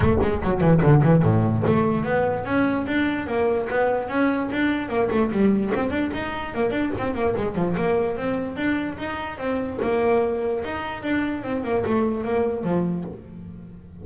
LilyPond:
\new Staff \with { instrumentName = "double bass" } { \time 4/4 \tempo 4 = 147 a8 gis8 fis8 e8 d8 e8 a,4 | a4 b4 cis'4 d'4 | ais4 b4 cis'4 d'4 | ais8 a8 g4 c'8 d'8 dis'4 |
ais8 d'8 c'8 ais8 gis8 f8 ais4 | c'4 d'4 dis'4 c'4 | ais2 dis'4 d'4 | c'8 ais8 a4 ais4 f4 | }